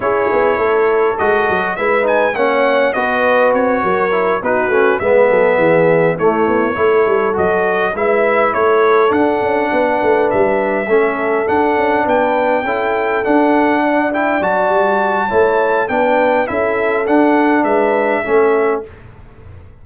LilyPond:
<<
  \new Staff \with { instrumentName = "trumpet" } { \time 4/4 \tempo 4 = 102 cis''2 dis''4 e''8 gis''8 | fis''4 dis''4 cis''4. b'8~ | b'8 e''2 cis''4.~ | cis''8 dis''4 e''4 cis''4 fis''8~ |
fis''4. e''2 fis''8~ | fis''8 g''2 fis''4. | g''8 a''2~ a''8 g''4 | e''4 fis''4 e''2 | }
  \new Staff \with { instrumentName = "horn" } { \time 4/4 gis'4 a'2 b'4 | cis''4 b'4. ais'4 fis'8~ | fis'8 b'8 a'8 gis'4 e'4 a'8~ | a'4. b'4 a'4.~ |
a'8 b'2 a'4.~ | a'8 b'4 a'2 d''8~ | d''2 cis''4 b'4 | a'2 b'4 a'4 | }
  \new Staff \with { instrumentName = "trombone" } { \time 4/4 e'2 fis'4 e'8 dis'8 | cis'4 fis'2 e'8 dis'8 | cis'8 b2 a4 e'8~ | e'8 fis'4 e'2 d'8~ |
d'2~ d'8 cis'4 d'8~ | d'4. e'4 d'4. | e'8 fis'4. e'4 d'4 | e'4 d'2 cis'4 | }
  \new Staff \with { instrumentName = "tuba" } { \time 4/4 cis'8 b8 a4 gis8 fis8 gis4 | ais4 b4 c'8 fis4 b8 | a8 gis8 fis8 e4 a8 b8 a8 | g8 fis4 gis4 a4 d'8 |
cis'8 b8 a8 g4 a4 d'8 | cis'8 b4 cis'4 d'4.~ | d'8 fis8 g4 a4 b4 | cis'4 d'4 gis4 a4 | }
>>